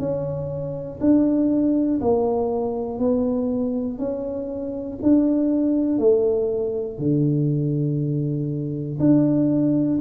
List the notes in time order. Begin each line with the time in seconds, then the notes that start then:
0.00 C#4
1.01 D4
2.01 A#3
2.99 B3
3.99 C#4
5.03 D4
5.99 A3
6.99 D3
9.00 D4